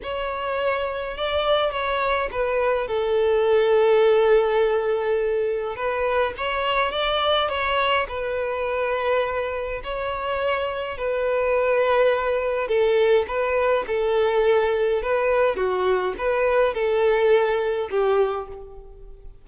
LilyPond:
\new Staff \with { instrumentName = "violin" } { \time 4/4 \tempo 4 = 104 cis''2 d''4 cis''4 | b'4 a'2.~ | a'2 b'4 cis''4 | d''4 cis''4 b'2~ |
b'4 cis''2 b'4~ | b'2 a'4 b'4 | a'2 b'4 fis'4 | b'4 a'2 g'4 | }